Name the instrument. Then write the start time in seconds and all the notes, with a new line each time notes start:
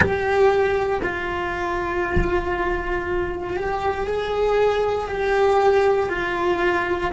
cello
0.00 G4
1.02 F4
3.56 G4
4.06 G#4
5.08 G4
6.09 F4